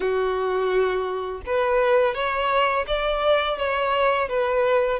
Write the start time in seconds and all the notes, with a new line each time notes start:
0.00 F#4
1.45 B4
2.14 C#5
2.87 D5
3.58 C#5
4.29 B4